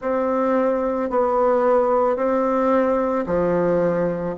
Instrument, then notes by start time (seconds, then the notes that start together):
bassoon
0.01 C4
1.10 B3
2.16 C4
3.26 F3